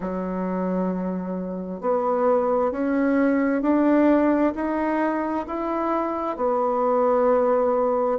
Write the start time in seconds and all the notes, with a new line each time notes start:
0.00 F#3
1.80 B3
2.71 C#4
3.62 D4
4.55 D#4
5.46 E4
6.36 B3